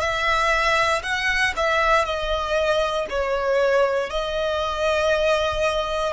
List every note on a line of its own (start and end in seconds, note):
0.00 1.02 E5
1.03 1.53 F#5
1.56 2.05 E5
2.05 3.06 D#5
3.10 4.10 C#5
4.10 6.13 D#5